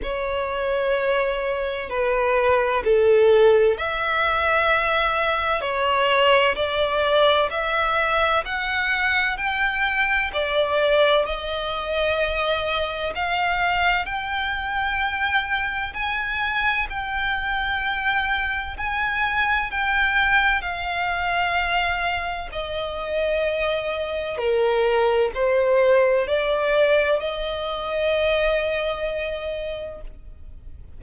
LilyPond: \new Staff \with { instrumentName = "violin" } { \time 4/4 \tempo 4 = 64 cis''2 b'4 a'4 | e''2 cis''4 d''4 | e''4 fis''4 g''4 d''4 | dis''2 f''4 g''4~ |
g''4 gis''4 g''2 | gis''4 g''4 f''2 | dis''2 ais'4 c''4 | d''4 dis''2. | }